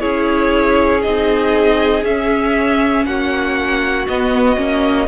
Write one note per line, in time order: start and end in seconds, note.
0.00 1.06 C#4
0.00 1.02 E4
0.00 3.05 G#4
0.00 1.02 C#5
1.03 2.04 C4
1.03 2.04 D#4
1.03 2.04 D#5
2.04 3.05 C#4
2.04 4.08 C#4
2.04 3.06 E5
3.05 4.07 A#3
3.05 5.08 F#4
3.05 4.07 F#5
4.08 4.57 B3
4.08 5.08 D#5
4.57 5.08 A#3
4.57 5.08 C#4